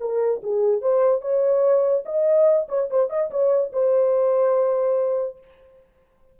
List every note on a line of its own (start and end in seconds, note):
0.00 0.41 A#4
0.43 0.81 G#4
0.81 1.21 C5
1.21 2.04 C#5
2.05 2.67 D#5
2.68 2.89 C#5
2.90 3.09 C5
3.09 3.30 D#5
3.30 3.72 C#5
3.72 5.38 C5